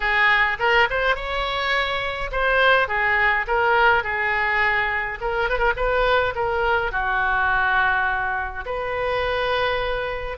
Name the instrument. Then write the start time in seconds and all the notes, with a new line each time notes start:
oboe
0.00 G#4
0.59 A#4
0.89 C5
1.15 C#5
2.31 C5
2.88 G#4
3.47 A#4
4.03 G#4
5.20 A#4
5.49 B4
5.58 A#4
5.76 B4
6.35 A#4
6.91 F#4
8.65 B4